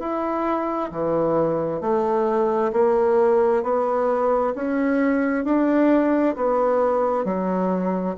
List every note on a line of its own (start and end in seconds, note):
0.00 0.91 E4
0.91 1.81 E3
1.81 2.72 A3
2.73 3.63 A#3
3.63 4.54 B3
4.55 5.45 C#4
5.45 6.36 D4
6.36 7.25 B3
7.25 8.16 F#3